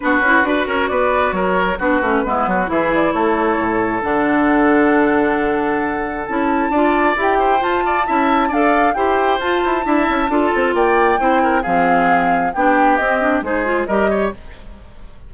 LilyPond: <<
  \new Staff \with { instrumentName = "flute" } { \time 4/4 \tempo 4 = 134 b'4. cis''8 d''4 cis''4 | b'2 e''8 d''8 cis''4~ | cis''4 fis''2.~ | fis''2 a''2 |
g''4 a''2 f''4 | g''4 a''2. | g''2 f''2 | g''4 dis''4 c''4 dis''4 | }
  \new Staff \with { instrumentName = "oboe" } { \time 4/4 fis'4 b'8 ais'8 b'4 ais'4 | fis'4 e'8 fis'8 gis'4 a'4~ | a'1~ | a'2. d''4~ |
d''8 c''4 d''8 e''4 d''4 | c''2 e''4 a'4 | d''4 c''8 ais'8 gis'2 | g'2 gis'4 ais'8 cis''8 | }
  \new Staff \with { instrumentName = "clarinet" } { \time 4/4 d'8 e'8 fis'2. | d'8 cis'8 b4 e'2~ | e'4 d'2.~ | d'2 e'4 f'4 |
g'4 f'4 e'4 a'4 | g'4 f'4 e'4 f'4~ | f'4 e'4 c'2 | d'4 c'8 d'8 dis'8 f'8 g'4 | }
  \new Staff \with { instrumentName = "bassoon" } { \time 4/4 b8 cis'8 d'8 cis'8 b4 fis4 | b8 a8 gis8 fis8 e4 a4 | a,4 d2.~ | d2 cis'4 d'4 |
e'4 f'4 cis'4 d'4 | e'4 f'8 e'8 d'8 cis'8 d'8 c'8 | ais4 c'4 f2 | b4 c'4 gis4 g4 | }
>>